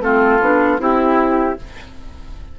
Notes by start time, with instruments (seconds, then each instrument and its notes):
0.00 bassoon A3, clarinet C4, oboe F4, flute A4
0.40 bassoon B3, clarinet D4
0.78 bassoon C4, clarinet E4, oboe E4, flute G4